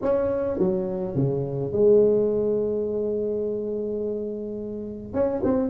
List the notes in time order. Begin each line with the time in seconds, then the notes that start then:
0.02 C#4
0.58 F#3
1.15 C#3
1.72 G#3
5.13 C#4
5.43 C4